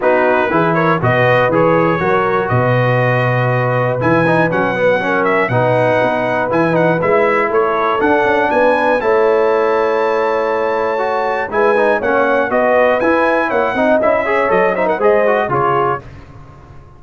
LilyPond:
<<
  \new Staff \with { instrumentName = "trumpet" } { \time 4/4 \tempo 4 = 120 b'4. cis''8 dis''4 cis''4~ | cis''4 dis''2. | gis''4 fis''4. e''8 fis''4~ | fis''4 gis''8 fis''8 e''4 cis''4 |
fis''4 gis''4 a''2~ | a''2. gis''4 | fis''4 dis''4 gis''4 fis''4 | e''4 dis''8 e''16 fis''16 dis''4 cis''4 | }
  \new Staff \with { instrumentName = "horn" } { \time 4/4 fis'4 gis'8 ais'8 b'2 | ais'4 b'2.~ | b'2 ais'4 b'4~ | b'2. a'4~ |
a'4 b'4 cis''2~ | cis''2. b'4 | cis''4 b'2 cis''8 dis''8~ | dis''8 cis''4 c''16 ais'16 c''4 gis'4 | }
  \new Staff \with { instrumentName = "trombone" } { \time 4/4 dis'4 e'4 fis'4 gis'4 | fis'1 | e'8 dis'8 cis'8 b8 cis'4 dis'4~ | dis'4 e'8 dis'8 e'2 |
d'2 e'2~ | e'2 fis'4 e'8 dis'8 | cis'4 fis'4 e'4. dis'8 | e'8 gis'8 a'8 dis'8 gis'8 fis'8 f'4 | }
  \new Staff \with { instrumentName = "tuba" } { \time 4/4 b4 e4 b,4 e4 | fis4 b,2. | e4 fis2 b,4 | b4 e4 gis4 a4 |
d'8 cis'8 b4 a2~ | a2. gis4 | ais4 b4 e'4 ais8 c'8 | cis'4 fis4 gis4 cis4 | }
>>